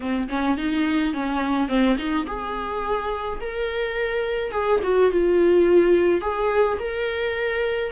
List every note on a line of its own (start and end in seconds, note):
0.00 0.28 C4
0.28 0.57 C#4
0.57 1.13 D#4
1.13 1.68 C#4
1.68 1.96 C4
1.97 2.26 D#4
2.26 3.39 G#4
3.40 4.51 A#4
4.51 4.80 G#4
4.83 5.11 F#4
5.11 6.21 F4
6.21 6.78 G#4
6.79 7.91 A#4